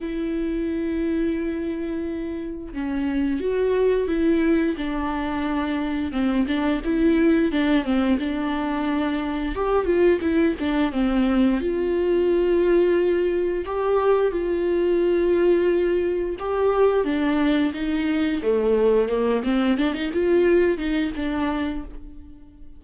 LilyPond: \new Staff \with { instrumentName = "viola" } { \time 4/4 \tempo 4 = 88 e'1 | cis'4 fis'4 e'4 d'4~ | d'4 c'8 d'8 e'4 d'8 c'8 | d'2 g'8 f'8 e'8 d'8 |
c'4 f'2. | g'4 f'2. | g'4 d'4 dis'4 a4 | ais8 c'8 d'16 dis'16 f'4 dis'8 d'4 | }